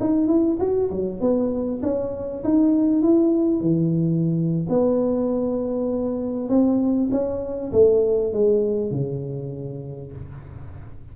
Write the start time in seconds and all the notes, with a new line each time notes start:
0.00 D#4
0.27 E4
0.60 F#4
0.90 F#3
1.21 B3
1.83 C#4
2.44 D#4
3.02 E4
3.60 E3
4.69 B3
6.49 C4
7.11 C#4
7.72 A3
8.33 G#3
8.91 C#3